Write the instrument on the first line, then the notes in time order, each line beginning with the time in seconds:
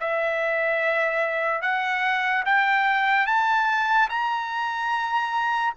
trumpet
0.00 E5
1.62 F#5
2.45 G5
3.27 A5
4.09 A#5